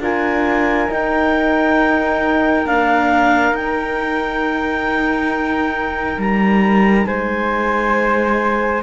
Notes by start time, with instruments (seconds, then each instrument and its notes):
0.00 cello D4, horn F4, flute A#4, clarinet G#5
0.88 horn D#4, cello D#4, clarinet G5
2.66 horn A#3, cello D4, clarinet F5
3.52 cello D#4, horn D#4, clarinet G5
6.17 cello G3, clarinet A#5
7.06 cello G#3, flute C5, clarinet G#5